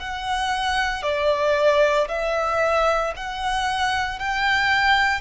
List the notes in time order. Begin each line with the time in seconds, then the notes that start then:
0.00 F#5
1.03 D5
2.09 E5
3.16 F#5
4.20 G5